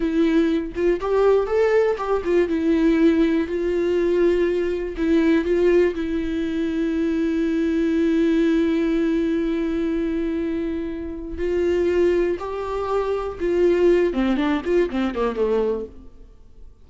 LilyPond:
\new Staff \with { instrumentName = "viola" } { \time 4/4 \tempo 4 = 121 e'4. f'8 g'4 a'4 | g'8 f'8 e'2 f'4~ | f'2 e'4 f'4 | e'1~ |
e'1~ | e'2. f'4~ | f'4 g'2 f'4~ | f'8 c'8 d'8 f'8 c'8 ais8 a4 | }